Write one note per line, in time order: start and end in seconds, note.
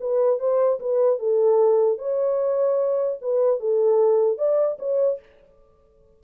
0.00 0.39 B4
0.39 0.79 C5
0.79 1.19 B4
1.19 1.98 A4
1.98 3.18 C#5
3.21 3.60 B4
3.60 4.38 A4
4.38 4.78 D5
4.79 5.19 C#5